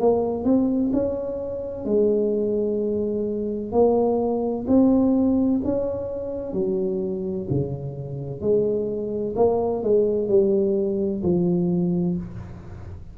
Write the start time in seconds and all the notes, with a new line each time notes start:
0.00 A#3
0.45 C4
0.94 C#4
1.86 G#3
3.72 A#3
4.68 C4
5.65 C#4
6.54 F#3
7.51 C#3
8.41 G#3
9.37 A#3
9.84 G#3
10.29 G3
11.24 F3